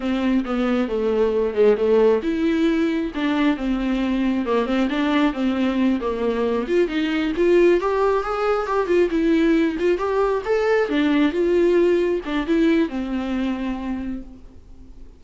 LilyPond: \new Staff \with { instrumentName = "viola" } { \time 4/4 \tempo 4 = 135 c'4 b4 a4. gis8 | a4 e'2 d'4 | c'2 ais8 c'8 d'4 | c'4. ais4. f'8 dis'8~ |
dis'8 f'4 g'4 gis'4 g'8 | f'8 e'4. f'8 g'4 a'8~ | a'8 d'4 f'2 d'8 | e'4 c'2. | }